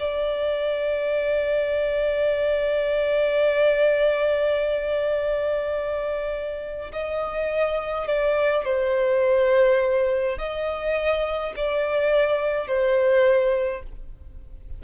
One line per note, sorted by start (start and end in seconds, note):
0.00 6.92 D5
6.92 8.08 D#5
8.08 8.65 D5
8.65 10.38 C5
10.38 11.54 D#5
11.56 12.68 D5
12.68 13.83 C5